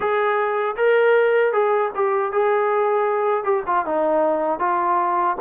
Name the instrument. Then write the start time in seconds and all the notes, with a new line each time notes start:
trombone
0.00 G#4
0.76 A#4
1.52 G#4
1.95 G4
2.31 G#4
3.44 G4
3.66 F4
3.85 D#4
4.59 F4